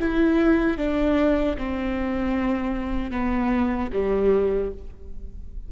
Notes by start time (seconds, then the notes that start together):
0.00 E4
0.78 D4
1.58 C4
3.12 B3
3.93 G3